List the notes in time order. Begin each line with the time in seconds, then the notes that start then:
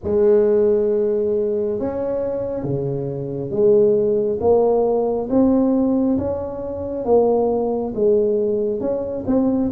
0.03 G#3
1.79 C#4
2.63 C#3
3.50 G#3
4.40 A#3
5.29 C4
6.18 C#4
7.05 A#3
7.95 G#3
8.80 C#4
9.26 C4